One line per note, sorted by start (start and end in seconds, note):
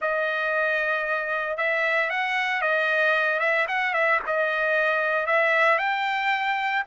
0.01 1.57 D#5
1.57 2.09 E5
2.10 2.61 F#5
2.61 3.39 D#5
3.39 3.66 E5
3.68 3.93 F#5
3.93 4.20 E5
4.26 5.26 D#5
5.26 5.78 E5
5.78 6.83 G5